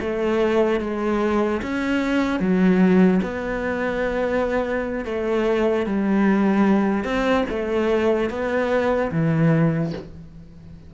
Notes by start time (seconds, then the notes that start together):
0.00 A3
0.80 G#3
1.62 C#4
2.40 F#3
3.22 B3
5.05 A3
5.86 G3
7.04 C4
7.49 A3
8.30 B3
9.11 E3